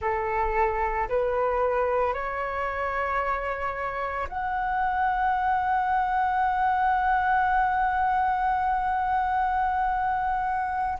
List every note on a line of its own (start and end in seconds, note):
0.01 1.08 A4
1.09 2.13 B4
2.13 4.28 C#5
4.29 10.98 F#5